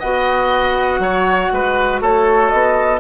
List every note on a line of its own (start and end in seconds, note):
0.00 0.99 B3
0.00 3.00 F#4
0.00 1.00 D#5
0.00 2.00 F#5
0.99 1.49 F#3
0.99 1.53 C#5
1.52 2.02 G#3
1.52 2.01 B4
2.01 2.52 A3
2.01 3.00 A4
2.01 2.50 C#5
2.50 3.00 B3
2.50 3.00 D#5